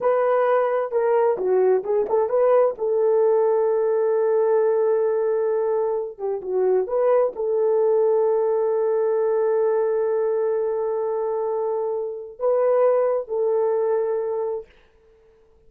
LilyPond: \new Staff \with { instrumentName = "horn" } { \time 4/4 \tempo 4 = 131 b'2 ais'4 fis'4 | gis'8 a'8 b'4 a'2~ | a'1~ | a'4. g'8 fis'4 b'4 |
a'1~ | a'1~ | a'2. b'4~ | b'4 a'2. | }